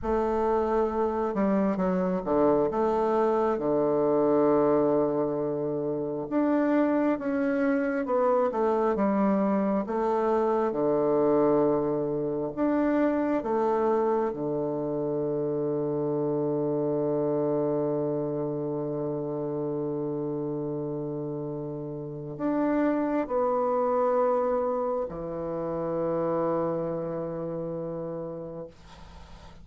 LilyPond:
\new Staff \with { instrumentName = "bassoon" } { \time 4/4 \tempo 4 = 67 a4. g8 fis8 d8 a4 | d2. d'4 | cis'4 b8 a8 g4 a4 | d2 d'4 a4 |
d1~ | d1~ | d4 d'4 b2 | e1 | }